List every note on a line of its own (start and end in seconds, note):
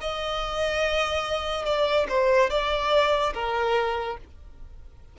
0.00 1.65 D#5
1.65 2.06 D5
2.08 2.50 C5
2.50 3.33 D5
3.33 4.17 A#4